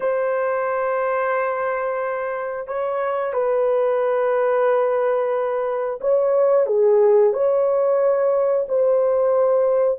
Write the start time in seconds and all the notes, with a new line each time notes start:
0.00 C5
2.67 C#5
3.33 B4
6.00 C#5
6.66 G#4
7.33 C#5
8.68 C5